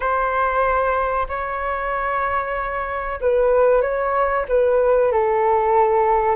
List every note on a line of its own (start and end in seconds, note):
0.00 1.27 C5
1.28 3.19 C#5
3.20 3.82 B4
3.82 4.45 C#5
4.48 5.12 B4
5.12 6.35 A4